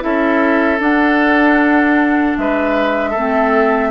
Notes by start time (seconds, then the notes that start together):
0.00 C#4 E4 A4 E5
0.80 D4 F#5
2.38 G#3 B4 E5
3.11 A3 C4 A4